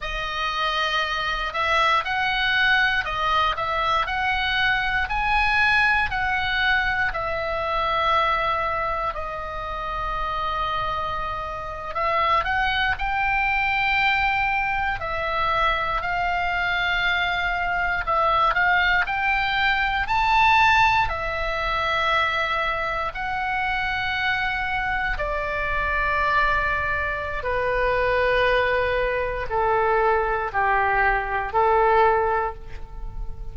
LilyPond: \new Staff \with { instrumentName = "oboe" } { \time 4/4 \tempo 4 = 59 dis''4. e''8 fis''4 dis''8 e''8 | fis''4 gis''4 fis''4 e''4~ | e''4 dis''2~ dis''8. e''16~ | e''16 fis''8 g''2 e''4 f''16~ |
f''4.~ f''16 e''8 f''8 g''4 a''16~ | a''8. e''2 fis''4~ fis''16~ | fis''8. d''2~ d''16 b'4~ | b'4 a'4 g'4 a'4 | }